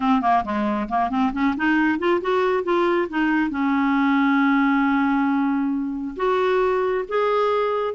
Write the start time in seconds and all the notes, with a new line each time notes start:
0.00 C4
0.21 A#3
0.44 G#3
0.88 A#3
1.09 C4
1.33 C#4
1.56 D#4
1.98 F4
2.21 F#4
2.63 F4
3.09 D#4
3.50 C#4
6.16 F#4
7.08 G#4